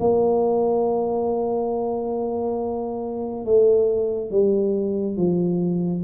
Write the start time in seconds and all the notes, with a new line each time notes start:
0.00 A#3
3.45 A3
4.31 G3
5.17 F3